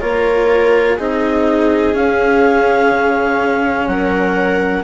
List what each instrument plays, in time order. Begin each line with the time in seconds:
0.00 bassoon A#3, cello F4, viola A#4, clarinet C#5
0.96 bassoon C4, cello D#4, viola G#4, clarinet D#5
1.94 cello C#4, bassoon C#4, clarinet F5
2.92 bassoon C#3
3.87 bassoon F#3, viola A#4, clarinet F#5